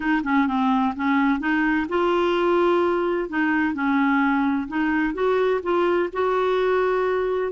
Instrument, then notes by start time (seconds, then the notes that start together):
clarinet
0.00 D#4
0.23 C#4
0.47 C4
0.96 C#4
1.39 D#4
1.89 F4
3.29 D#4
3.74 C#4
4.68 D#4
5.14 F#4
5.62 F4
6.12 F#4